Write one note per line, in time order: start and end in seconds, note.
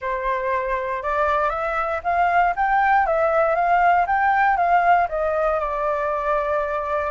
0.01 1.02 C5
1.02 1.49 D5
1.49 2.00 E5
2.03 2.54 F5
2.56 3.06 G5
3.06 3.55 E5
3.55 4.06 F5
4.06 4.56 G5
4.56 5.07 F5
5.08 5.59 D#5
5.59 7.10 D5